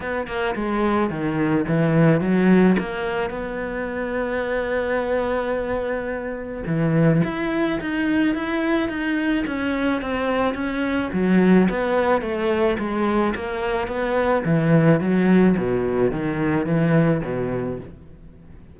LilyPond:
\new Staff \with { instrumentName = "cello" } { \time 4/4 \tempo 4 = 108 b8 ais8 gis4 dis4 e4 | fis4 ais4 b2~ | b1 | e4 e'4 dis'4 e'4 |
dis'4 cis'4 c'4 cis'4 | fis4 b4 a4 gis4 | ais4 b4 e4 fis4 | b,4 dis4 e4 b,4 | }